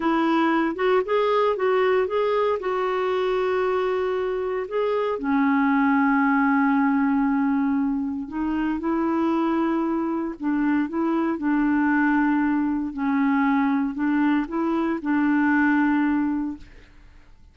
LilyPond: \new Staff \with { instrumentName = "clarinet" } { \time 4/4 \tempo 4 = 116 e'4. fis'8 gis'4 fis'4 | gis'4 fis'2.~ | fis'4 gis'4 cis'2~ | cis'1 |
dis'4 e'2. | d'4 e'4 d'2~ | d'4 cis'2 d'4 | e'4 d'2. | }